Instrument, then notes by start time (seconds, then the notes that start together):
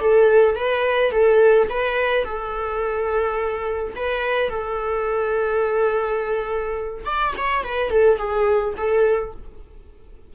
viola
0.00 A4
0.55 B4
1.11 A4
1.69 B4
2.24 A4
3.96 B4
4.49 A4
7.05 D5
7.37 C#5
7.64 B4
7.90 A4
8.18 G#4
8.77 A4